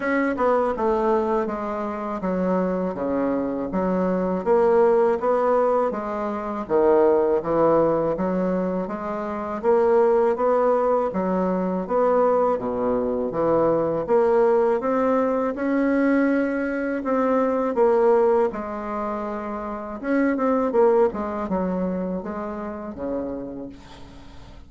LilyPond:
\new Staff \with { instrumentName = "bassoon" } { \time 4/4 \tempo 4 = 81 cis'8 b8 a4 gis4 fis4 | cis4 fis4 ais4 b4 | gis4 dis4 e4 fis4 | gis4 ais4 b4 fis4 |
b4 b,4 e4 ais4 | c'4 cis'2 c'4 | ais4 gis2 cis'8 c'8 | ais8 gis8 fis4 gis4 cis4 | }